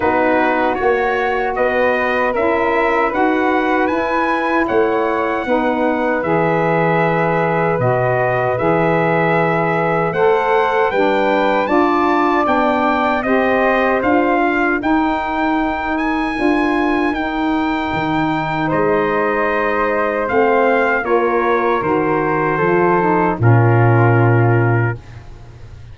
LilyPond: <<
  \new Staff \with { instrumentName = "trumpet" } { \time 4/4 \tempo 4 = 77 b'4 cis''4 dis''4 e''4 | fis''4 gis''4 fis''2 | e''2 dis''4 e''4~ | e''4 fis''4 g''4 a''4 |
g''4 dis''4 f''4 g''4~ | g''8 gis''4. g''2 | dis''2 f''4 cis''4 | c''2 ais'2 | }
  \new Staff \with { instrumentName = "flute" } { \time 4/4 fis'2 b'4 ais'4 | b'2 cis''4 b'4~ | b'1~ | b'4 c''4 b'4 d''4~ |
d''4 c''4. ais'4.~ | ais'1 | c''2. ais'4~ | ais'4 a'4 f'2 | }
  \new Staff \with { instrumentName = "saxophone" } { \time 4/4 dis'4 fis'2 e'4 | fis'4 e'2 dis'4 | gis'2 fis'4 gis'4~ | gis'4 a'4 d'4 f'4 |
d'4 g'4 f'4 dis'4~ | dis'4 f'4 dis'2~ | dis'2 c'4 f'4 | fis'4 f'8 dis'8 cis'2 | }
  \new Staff \with { instrumentName = "tuba" } { \time 4/4 b4 ais4 b4 cis'4 | dis'4 e'4 a4 b4 | e2 b,4 e4~ | e4 a4 g4 d'4 |
b4 c'4 d'4 dis'4~ | dis'4 d'4 dis'4 dis4 | gis2 a4 ais4 | dis4 f4 ais,2 | }
>>